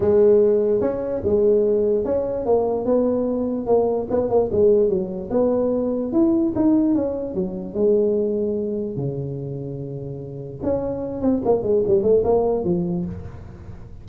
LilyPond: \new Staff \with { instrumentName = "tuba" } { \time 4/4 \tempo 4 = 147 gis2 cis'4 gis4~ | gis4 cis'4 ais4 b4~ | b4 ais4 b8 ais8 gis4 | fis4 b2 e'4 |
dis'4 cis'4 fis4 gis4~ | gis2 cis2~ | cis2 cis'4. c'8 | ais8 gis8 g8 a8 ais4 f4 | }